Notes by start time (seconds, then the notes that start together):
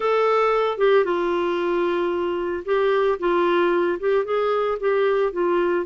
0.00 A4
0.78 G4
1.04 F4
2.65 G4
3.19 F4
3.99 G4
4.25 G#4
4.80 G4
5.32 F4